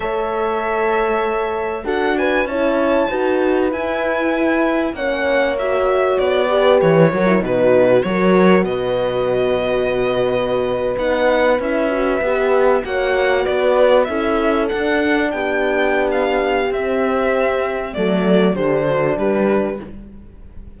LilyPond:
<<
  \new Staff \with { instrumentName = "violin" } { \time 4/4 \tempo 4 = 97 e''2. fis''8 gis''8 | a''2 gis''2 | fis''4 e''4 d''4 cis''4 | b'4 cis''4 dis''2~ |
dis''4.~ dis''16 fis''4 e''4~ e''16~ | e''8. fis''4 d''4 e''4 fis''16~ | fis''8. g''4~ g''16 f''4 e''4~ | e''4 d''4 c''4 b'4 | }
  \new Staff \with { instrumentName = "horn" } { \time 4/4 cis''2. a'8 b'8 | cis''4 b'2. | cis''2~ cis''8 b'4 ais'8 | fis'4 ais'4 b'2~ |
b'1~ | b'8. cis''4 b'4 a'4~ a'16~ | a'8. g'2.~ g'16~ | g'4 a'4 g'8 fis'8 g'4 | }
  \new Staff \with { instrumentName = "horn" } { \time 4/4 a'2. fis'4 | e'4 fis'4 e'2 | cis'4 fis'4. g'4 fis'16 e'16 | dis'4 fis'2.~ |
fis'4.~ fis'16 dis'4 e'8 fis'8 g'16~ | g'8. fis'2 e'4 d'16~ | d'2. c'4~ | c'4 a4 d'2 | }
  \new Staff \with { instrumentName = "cello" } { \time 4/4 a2. d'4 | cis'4 dis'4 e'2 | ais2 b4 e8 fis8 | b,4 fis4 b,2~ |
b,4.~ b,16 b4 cis'4 b16~ | b8. ais4 b4 cis'4 d'16~ | d'8. b2~ b16 c'4~ | c'4 fis4 d4 g4 | }
>>